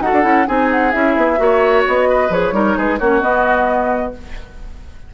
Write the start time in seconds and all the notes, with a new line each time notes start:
0.00 D#4 F#4 A4 F#5
0.13 D4
0.22 C#4 E4
0.46 C4 D#4 G#4 G#5
0.70 F#5
0.91 C#4 E4 E5
1.16 B3
1.37 A#3 F#4 C#5
1.87 B3 D#5
2.09 B4
2.30 F3 G#4 C#5
2.52 G3 D#4 A#4
2.77 G#3 G#4 B4
2.98 A#3 C#4 F#4 C#5
3.21 B3 D#5